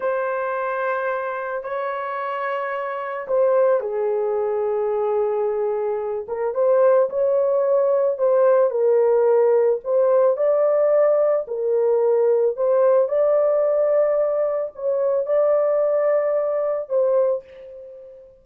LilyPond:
\new Staff \with { instrumentName = "horn" } { \time 4/4 \tempo 4 = 110 c''2. cis''4~ | cis''2 c''4 gis'4~ | gis'2.~ gis'8 ais'8 | c''4 cis''2 c''4 |
ais'2 c''4 d''4~ | d''4 ais'2 c''4 | d''2. cis''4 | d''2. c''4 | }